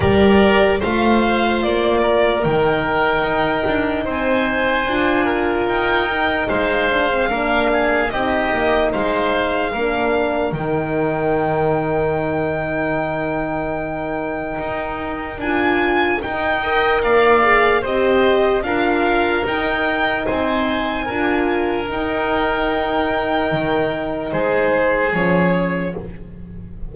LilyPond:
<<
  \new Staff \with { instrumentName = "violin" } { \time 4/4 \tempo 4 = 74 d''4 f''4 d''4 g''4~ | g''4 gis''2 g''4 | f''2 dis''4 f''4~ | f''4 g''2.~ |
g''2. gis''4 | g''4 f''4 dis''4 f''4 | g''4 gis''2 g''4~ | g''2 c''4 cis''4 | }
  \new Staff \with { instrumentName = "oboe" } { \time 4/4 ais'4 c''4. ais'4.~ | ais'4 c''4. ais'4. | c''4 ais'8 gis'8 g'4 c''4 | ais'1~ |
ais'1~ | ais'8 dis''8 d''4 c''4 ais'4~ | ais'4 c''4 ais'2~ | ais'2 gis'2 | }
  \new Staff \with { instrumentName = "horn" } { \time 4/4 g'4 f'2 dis'4~ | dis'2 f'4. dis'8~ | dis'8 d'16 c'16 d'4 dis'2 | d'4 dis'2.~ |
dis'2. f'4 | dis'8 ais'4 gis'8 g'4 f'4 | dis'2 f'4 dis'4~ | dis'2. cis'4 | }
  \new Staff \with { instrumentName = "double bass" } { \time 4/4 g4 a4 ais4 dis4 | dis'8 d'8 c'4 d'4 dis'4 | gis4 ais4 c'8 ais8 gis4 | ais4 dis2.~ |
dis2 dis'4 d'4 | dis'4 ais4 c'4 d'4 | dis'4 c'4 d'4 dis'4~ | dis'4 dis4 gis4 f4 | }
>>